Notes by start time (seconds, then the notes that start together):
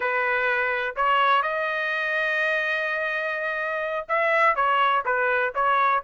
0.00 B4
0.95 C#5
1.42 D#5
4.08 E5
4.55 C#5
5.05 B4
5.54 C#5